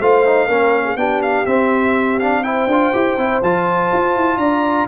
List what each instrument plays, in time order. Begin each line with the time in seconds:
0.00 tuba A3, trombone F4, horn C5, trumpet F5
0.26 trombone D#4
0.46 tuba A#3, trombone C#4, horn A#4
0.84 horn G#4
0.96 tuba B3, trombone D4, horn G4, trumpet G5
1.22 trumpet F5
1.46 tuba C4, trombone C4, trumpet E5
2.19 trombone D4, trumpet F5
2.43 trombone E4, horn C5, trumpet G5
2.67 tuba D4, trombone F4
2.93 tuba E4, trombone G4
3.17 tuba C4, trombone E4
3.42 tuba F3, trombone F4, trumpet A5
3.92 tuba F4
4.16 tuba E4
4.37 tuba D4, horn D5, trumpet A#5